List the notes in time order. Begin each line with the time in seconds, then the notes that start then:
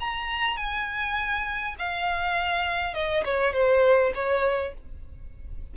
0.00 A#5
0.57 G#5
1.79 F5
2.94 D#5
3.25 C#5
3.53 C5
4.15 C#5